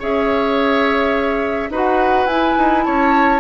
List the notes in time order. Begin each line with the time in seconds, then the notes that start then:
0.00 C#4 G#4 C#5 E5
1.70 D#4 F#4 B4 F#5
2.26 E4 G#5
2.58 D#4
2.84 C#4 C#5 A5